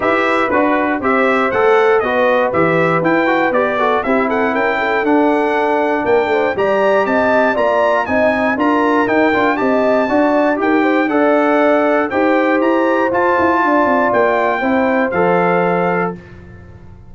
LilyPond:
<<
  \new Staff \with { instrumentName = "trumpet" } { \time 4/4 \tempo 4 = 119 e''4 b'4 e''4 fis''4 | dis''4 e''4 g''4 d''4 | e''8 fis''8 g''4 fis''2 | g''4 ais''4 a''4 ais''4 |
gis''4 ais''4 g''4 a''4~ | a''4 g''4 fis''2 | g''4 ais''4 a''2 | g''2 f''2 | }
  \new Staff \with { instrumentName = "horn" } { \time 4/4 b'2 c''2 | b'2.~ b'8 a'8 | g'8 a'8 ais'8 a'2~ a'8 | ais'8 c''8 d''4 dis''4 d''4 |
dis''4 ais'2 dis''4 | d''4 ais'8 c''8 d''2 | c''2. d''4~ | d''4 c''2. | }
  \new Staff \with { instrumentName = "trombone" } { \time 4/4 g'4 fis'4 g'4 a'4 | fis'4 g'4 e'8 fis'8 g'8 fis'8 | e'2 d'2~ | d'4 g'2 f'4 |
dis'4 f'4 dis'8 f'8 g'4 | fis'4 g'4 a'2 | g'2 f'2~ | f'4 e'4 a'2 | }
  \new Staff \with { instrumentName = "tuba" } { \time 4/4 e'4 d'4 c'4 a4 | b4 e4 e'4 b4 | c'4 cis'4 d'2 | ais8 a8 g4 c'4 ais4 |
c'4 d'4 dis'8 d'8 c'4 | d'4 dis'4 d'2 | dis'4 e'4 f'8 e'8 d'8 c'8 | ais4 c'4 f2 | }
>>